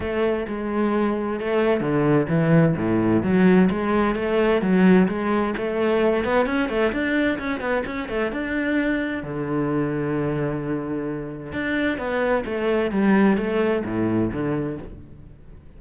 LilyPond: \new Staff \with { instrumentName = "cello" } { \time 4/4 \tempo 4 = 130 a4 gis2 a4 | d4 e4 a,4 fis4 | gis4 a4 fis4 gis4 | a4. b8 cis'8 a8 d'4 |
cis'8 b8 cis'8 a8 d'2 | d1~ | d4 d'4 b4 a4 | g4 a4 a,4 d4 | }